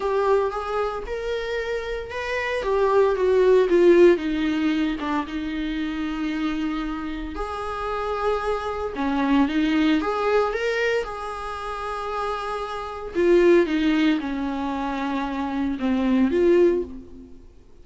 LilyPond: \new Staff \with { instrumentName = "viola" } { \time 4/4 \tempo 4 = 114 g'4 gis'4 ais'2 | b'4 g'4 fis'4 f'4 | dis'4. d'8 dis'2~ | dis'2 gis'2~ |
gis'4 cis'4 dis'4 gis'4 | ais'4 gis'2.~ | gis'4 f'4 dis'4 cis'4~ | cis'2 c'4 f'4 | }